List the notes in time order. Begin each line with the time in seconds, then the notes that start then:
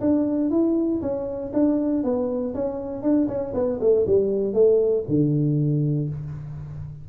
0.00 D4
0.50 E4
1.01 C#4
1.53 D4
2.03 B3
2.54 C#4
3.02 D4
3.28 C#4
3.54 B3
3.80 A3
4.06 G3
4.53 A3
5.08 D3